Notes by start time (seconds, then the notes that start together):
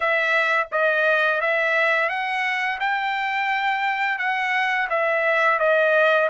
0.00 E5
0.71 D#5
1.40 E5
2.09 F#5
2.80 G5
4.18 F#5
4.89 E5
5.59 D#5